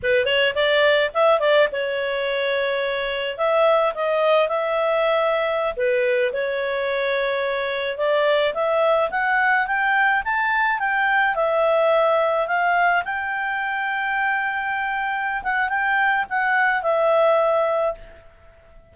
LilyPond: \new Staff \with { instrumentName = "clarinet" } { \time 4/4 \tempo 4 = 107 b'8 cis''8 d''4 e''8 d''8 cis''4~ | cis''2 e''4 dis''4 | e''2~ e''16 b'4 cis''8.~ | cis''2~ cis''16 d''4 e''8.~ |
e''16 fis''4 g''4 a''4 g''8.~ | g''16 e''2 f''4 g''8.~ | g''2.~ g''8 fis''8 | g''4 fis''4 e''2 | }